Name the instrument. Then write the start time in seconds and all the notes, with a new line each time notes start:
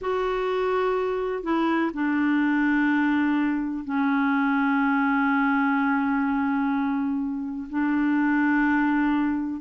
clarinet
0.01 F#4
1.43 E4
1.93 D4
3.84 C#4
7.69 D4